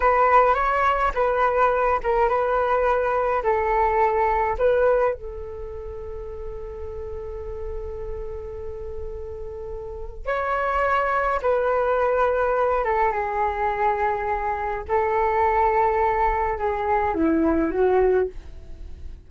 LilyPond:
\new Staff \with { instrumentName = "flute" } { \time 4/4 \tempo 4 = 105 b'4 cis''4 b'4. ais'8 | b'2 a'2 | b'4 a'2.~ | a'1~ |
a'2 cis''2 | b'2~ b'8 a'8 gis'4~ | gis'2 a'2~ | a'4 gis'4 e'4 fis'4 | }